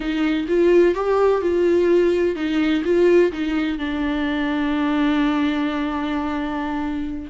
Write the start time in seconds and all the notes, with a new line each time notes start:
0.00 D#4
0.47 F4
0.94 G4
1.41 F4
2.35 D#4
2.84 F4
3.32 D#4
3.78 D4